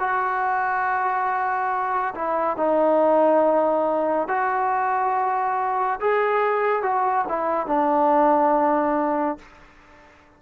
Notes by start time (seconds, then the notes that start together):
0.00 F#4
2.15 E4
2.57 D#4
4.29 F#4
6.01 G#4
6.83 F#4
7.29 E4
7.67 D4